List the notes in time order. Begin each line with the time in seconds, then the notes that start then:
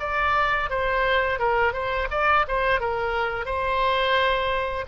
0.00 D5
0.70 C5
1.39 A#4
1.73 C5
2.11 D5
2.48 C5
2.80 A#4
3.45 C5